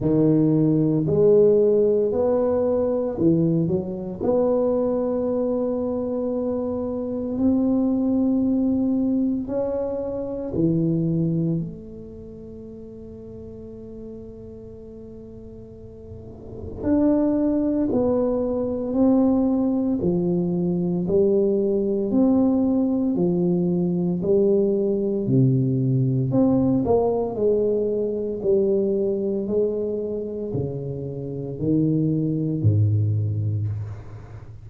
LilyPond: \new Staff \with { instrumentName = "tuba" } { \time 4/4 \tempo 4 = 57 dis4 gis4 b4 e8 fis8 | b2. c'4~ | c'4 cis'4 e4 a4~ | a1 |
d'4 b4 c'4 f4 | g4 c'4 f4 g4 | c4 c'8 ais8 gis4 g4 | gis4 cis4 dis4 gis,4 | }